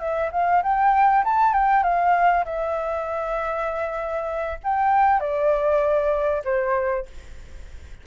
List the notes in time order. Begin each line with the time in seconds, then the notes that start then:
0.00 E5
0.32 F5
0.63 G5
1.25 A5
1.54 G5
1.84 F5
2.45 E5
4.64 G5
5.20 D5
6.45 C5